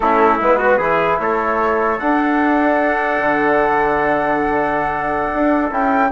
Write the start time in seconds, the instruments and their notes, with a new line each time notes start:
0.00 bassoon A3, trombone C#4, trumpet E4, flute A4
0.40 bassoon G#3, trombone B3, flute B4
0.58 trumpet F#4
0.78 bassoon E3, trombone E4, trumpet G#4
1.19 bassoon A3, trumpet A4, flute C#5
1.99 trombone D4, bassoon D4, flute F#5
3.18 bassoon D3
5.34 bassoon D4
5.70 bassoon C#4, trombone E4, flute G5